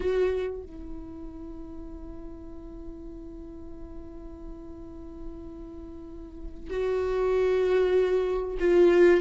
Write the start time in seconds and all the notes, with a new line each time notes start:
0.00 F#4
0.62 E4
6.70 F#4
8.59 F4